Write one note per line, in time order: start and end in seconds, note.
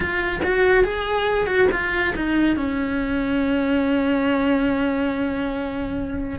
0.00 0.40 F4
0.43 0.83 F#4
0.83 1.46 G#4
1.46 1.68 F#4
1.71 2.14 F4
2.15 2.56 D#4
2.56 6.39 C#4